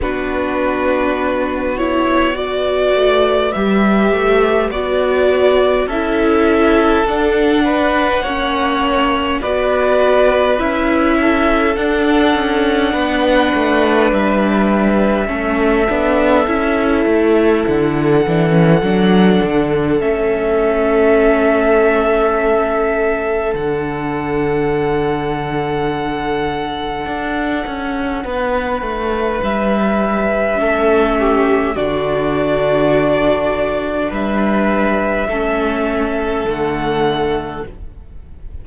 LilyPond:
<<
  \new Staff \with { instrumentName = "violin" } { \time 4/4 \tempo 4 = 51 b'4. cis''8 d''4 e''4 | d''4 e''4 fis''2 | d''4 e''4 fis''2 | e''2. fis''4~ |
fis''4 e''2. | fis''1~ | fis''4 e''2 d''4~ | d''4 e''2 fis''4 | }
  \new Staff \with { instrumentName = "violin" } { \time 4/4 fis'2 b'2~ | b'4 a'4. b'8 cis''4 | b'4. a'4. b'4~ | b'4 a'2.~ |
a'1~ | a'1 | b'2 a'8 g'8 fis'4~ | fis'4 b'4 a'2 | }
  \new Staff \with { instrumentName = "viola" } { \time 4/4 d'4. e'8 fis'4 g'4 | fis'4 e'4 d'4 cis'4 | fis'4 e'4 d'2~ | d'4 cis'8 d'8 e'4. d'16 cis'16 |
d'4 cis'2. | d'1~ | d'2 cis'4 d'4~ | d'2 cis'4 a4 | }
  \new Staff \with { instrumentName = "cello" } { \time 4/4 b2~ b8 a8 g8 a8 | b4 cis'4 d'4 ais4 | b4 cis'4 d'8 cis'8 b8 a8 | g4 a8 b8 cis'8 a8 d8 e8 |
fis8 d8 a2. | d2. d'8 cis'8 | b8 a8 g4 a4 d4~ | d4 g4 a4 d4 | }
>>